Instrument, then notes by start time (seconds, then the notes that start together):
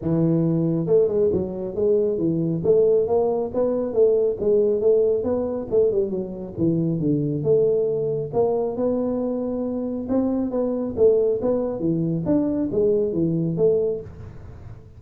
tuba
0.01 E3
0.86 A3
1.08 G#3
1.32 F#3
1.75 G#3
2.18 E3
2.63 A3
3.07 A#3
3.54 B3
3.93 A3
4.40 G#3
4.80 A3
5.23 B3
5.70 A3
5.91 G3
6.10 F#3
6.57 E3
6.99 D3
7.43 A3
8.33 A#3
8.76 B3
10.08 C4
10.50 B3
10.96 A3
11.41 B3
11.79 E3
12.25 D4
12.71 G#3
13.12 E3
13.56 A3